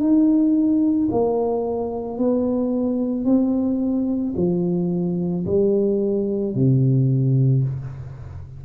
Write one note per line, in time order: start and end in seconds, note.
0.00 1.09 D#4
1.12 2.18 A#3
2.18 3.25 B3
3.25 4.34 C4
4.37 5.46 F3
5.46 6.55 G3
6.55 7.64 C3